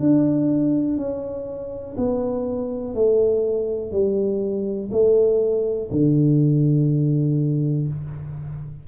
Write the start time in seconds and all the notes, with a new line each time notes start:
0.00 D4
0.98 C#4
1.98 B3
2.95 A3
3.92 G3
4.92 A3
5.92 D3